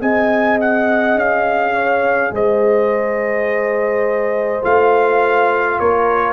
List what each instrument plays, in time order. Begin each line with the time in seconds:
0.00 tuba C4, trombone G#4, horn D#5, trumpet G#5
0.60 trumpet F#5
1.15 tuba C#4, trumpet F5
1.73 horn C#5
2.31 tuba G#3, horn C5, trumpet D#5
4.62 tuba A3, trombone F4, trumpet F5
5.79 tuba A#3, horn A#4, trumpet C#5